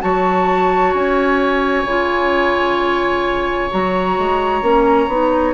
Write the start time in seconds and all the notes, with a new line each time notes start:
0.00 F#3 F#4 C#5 A5
0.93 C#4 G#5
1.84 C#3 F4
3.70 F#3 F#4 A#5
4.17 G#3
4.61 A#3 C#4
5.07 B3 D#4